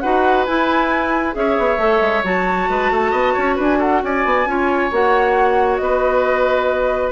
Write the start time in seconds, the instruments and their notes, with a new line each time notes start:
0.00 bassoon D#4, clarinet F#4, oboe B4, flute F#5
0.46 clarinet E4, bassoon E4, flute G#5
1.32 bassoon C#4, clarinet G#4, oboe C#5, flute E5
1.58 bassoon B3
1.78 bassoon A3, clarinet A4
2.01 bassoon G#3
2.24 bassoon F#3, clarinet F#4, flute A5
2.69 bassoon G#3, oboe B4
2.91 bassoon A3, oboe A4
3.11 bassoon B3, oboe D#5
3.34 bassoon C#4, oboe C#5
3.55 bassoon D4, oboe B4
3.63 flute G#5
3.79 oboe A4, flute F#5
4.03 bassoon C#4, oboe D5, flute G#5
4.25 bassoon B3
4.46 bassoon C#4, clarinet F4, oboe C#5
4.91 bassoon A#3, clarinet F#4, flute F#5
5.77 bassoon B3, oboe B4, flute D#5